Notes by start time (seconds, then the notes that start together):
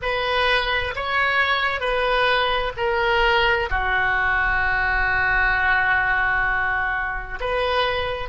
0.02 B4
0.95 C#5
1.80 B4
2.77 A#4
3.69 F#4
7.40 B4